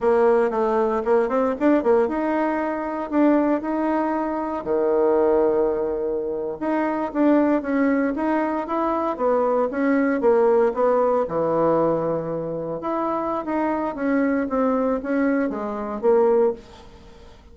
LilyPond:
\new Staff \with { instrumentName = "bassoon" } { \time 4/4 \tempo 4 = 116 ais4 a4 ais8 c'8 d'8 ais8 | dis'2 d'4 dis'4~ | dis'4 dis2.~ | dis8. dis'4 d'4 cis'4 dis'16~ |
dis'8. e'4 b4 cis'4 ais16~ | ais8. b4 e2~ e16~ | e8. e'4~ e'16 dis'4 cis'4 | c'4 cis'4 gis4 ais4 | }